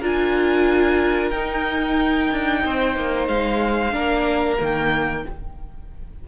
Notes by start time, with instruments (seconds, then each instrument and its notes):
0.00 cello D4, viola F4, violin A#4 G#5
1.30 cello D#4, viola D#4, violin G5
2.32 cello D4
2.65 cello C4, violin C5
2.96 cello A#3
3.28 cello G#3, violin F5
3.92 cello A#3, viola D4, violin A#4
4.59 cello D#3, viola A#3, violin G5